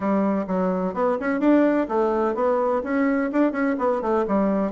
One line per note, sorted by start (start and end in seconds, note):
0.00 0.45 G3
0.47 0.93 F#3
0.93 1.17 B3
1.19 1.40 C#4
1.40 1.87 D4
1.88 2.35 A3
2.35 2.82 B3
2.83 3.30 C#4
3.32 3.52 D4
3.52 3.75 C#4
3.78 4.01 B3
4.01 4.25 A3
4.27 4.72 G3